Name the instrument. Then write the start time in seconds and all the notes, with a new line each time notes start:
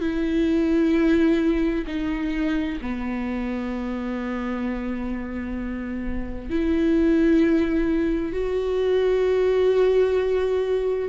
viola
0.00 E4
1.86 D#4
2.81 B3
6.50 E4
8.32 F#4